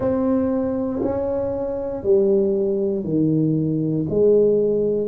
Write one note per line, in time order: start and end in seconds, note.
0.00 1.01 C4
1.02 2.03 C#4
2.03 3.04 G3
3.04 4.05 D#3
4.09 5.07 G#3